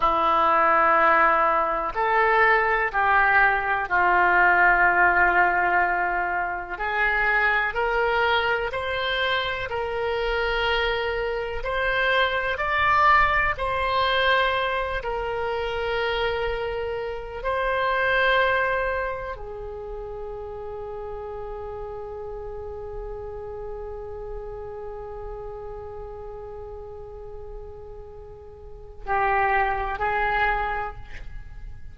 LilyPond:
\new Staff \with { instrumentName = "oboe" } { \time 4/4 \tempo 4 = 62 e'2 a'4 g'4 | f'2. gis'4 | ais'4 c''4 ais'2 | c''4 d''4 c''4. ais'8~ |
ais'2 c''2 | gis'1~ | gis'1~ | gis'2 g'4 gis'4 | }